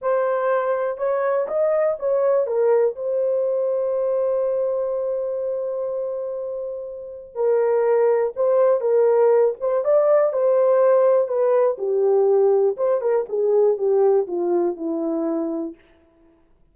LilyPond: \new Staff \with { instrumentName = "horn" } { \time 4/4 \tempo 4 = 122 c''2 cis''4 dis''4 | cis''4 ais'4 c''2~ | c''1~ | c''2. ais'4~ |
ais'4 c''4 ais'4. c''8 | d''4 c''2 b'4 | g'2 c''8 ais'8 gis'4 | g'4 f'4 e'2 | }